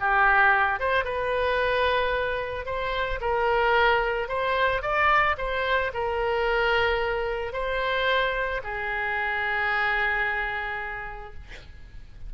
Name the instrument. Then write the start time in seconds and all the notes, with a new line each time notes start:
oboe
0.00 G4
0.79 C5
1.04 B4
2.66 C5
3.20 A#4
4.28 C5
4.82 D5
5.37 C5
5.93 A#4
7.53 C5
8.64 G#4